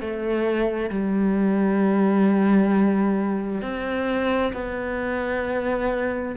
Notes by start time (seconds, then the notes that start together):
0.00 A3
0.89 G3
3.61 C4
4.53 B3